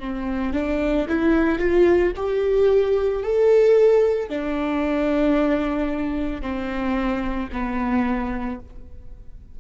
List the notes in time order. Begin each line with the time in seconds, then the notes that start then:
0.00 C4
0.54 D4
1.09 E4
1.59 F4
2.16 G4
3.23 A4
4.30 D4
6.42 C4
7.53 B3